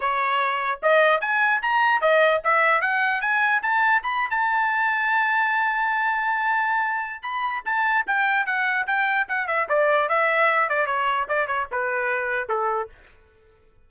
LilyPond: \new Staff \with { instrumentName = "trumpet" } { \time 4/4 \tempo 4 = 149 cis''2 dis''4 gis''4 | ais''4 dis''4 e''4 fis''4 | gis''4 a''4 b''8. a''4~ a''16~ | a''1~ |
a''2 b''4 a''4 | g''4 fis''4 g''4 fis''8 e''8 | d''4 e''4. d''8 cis''4 | d''8 cis''8 b'2 a'4 | }